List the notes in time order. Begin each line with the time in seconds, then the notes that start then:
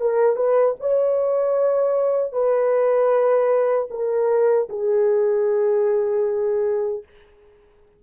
0.00 A#4
0.36 B4
0.80 C#5
2.32 B4
3.90 A#4
4.69 G#4